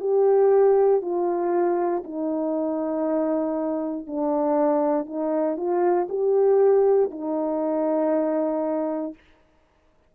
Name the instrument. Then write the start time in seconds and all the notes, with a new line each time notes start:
horn
0.00 G4
1.02 F4
2.04 D#4
4.07 D4
5.06 D#4
5.57 F4
6.09 G4
7.11 D#4